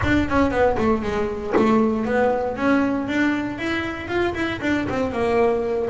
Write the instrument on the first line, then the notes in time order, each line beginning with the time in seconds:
double bass
0.03 D4
0.28 C#4
0.50 B3
0.78 A3
1.02 G#3
1.56 A3
2.05 B3
2.56 C#4
3.07 D4
3.58 E4
4.08 F4
4.34 E4
4.61 D4
4.89 C4
5.11 A#3